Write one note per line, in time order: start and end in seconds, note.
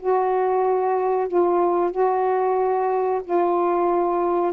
0.00 1.28 F#4
1.28 1.92 F4
1.92 3.22 F#4
3.24 4.53 F4